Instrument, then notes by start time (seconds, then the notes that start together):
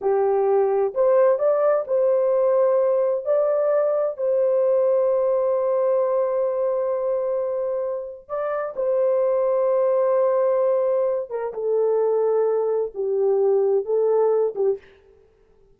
horn
0.01 G4
0.94 C5
1.38 D5
1.87 C5
3.25 D5
4.17 C5
8.28 D5
8.76 C5
11.30 A#4
11.53 A4
12.94 G4
13.85 A4
14.55 G4